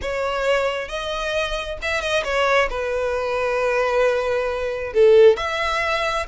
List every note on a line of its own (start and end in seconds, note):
0.01 0.88 C#5
0.88 1.78 D#5
1.81 2.01 E5
2.01 2.23 D#5
2.24 2.68 C#5
2.69 4.93 B4
4.94 5.36 A4
5.36 6.26 E5